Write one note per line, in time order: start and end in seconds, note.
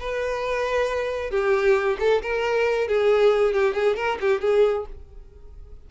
0.00 1.31 B4
1.31 1.98 G4
2.00 2.22 A4
2.22 2.88 A#4
2.88 3.53 G#4
3.53 3.74 G4
3.74 3.96 G#4
3.96 4.18 A#4
4.21 4.41 G4
4.41 4.85 G#4